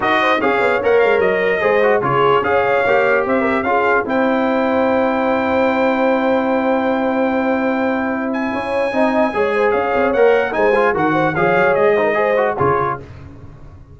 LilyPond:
<<
  \new Staff \with { instrumentName = "trumpet" } { \time 4/4 \tempo 4 = 148 dis''4 f''4 fis''8 f''8 dis''4~ | dis''4 cis''4 f''2 | e''4 f''4 g''2~ | g''1~ |
g''1~ | g''8 gis''2.~ gis''8 | f''4 fis''4 gis''4 fis''4 | f''4 dis''2 cis''4 | }
  \new Staff \with { instrumentName = "horn" } { \time 4/4 ais'8 c''8 cis''2. | c''4 gis'4 cis''2 | c''8 ais'8 gis'4 c''2~ | c''1~ |
c''1~ | c''4 cis''4 dis''4 cis''8 c''8 | cis''2 c''4 ais'8 c''8 | cis''4. c''16 ais'16 c''4 gis'4 | }
  \new Staff \with { instrumentName = "trombone" } { \time 4/4 fis'4 gis'4 ais'2 | gis'8 fis'8 f'4 gis'4 g'4~ | g'4 f'4 e'2~ | e'1~ |
e'1~ | e'2 dis'4 gis'4~ | gis'4 ais'4 dis'8 f'8 fis'4 | gis'4. dis'8 gis'8 fis'8 f'4 | }
  \new Staff \with { instrumentName = "tuba" } { \time 4/4 dis'4 cis'8 b8 ais8 gis8 fis4 | gis4 cis4 cis'4 ais4 | c'4 cis'4 c'2~ | c'1~ |
c'1~ | c'4 cis'4 c'4 gis4 | cis'8 c'8 ais4 gis4 dis4 | f8 fis8 gis2 cis4 | }
>>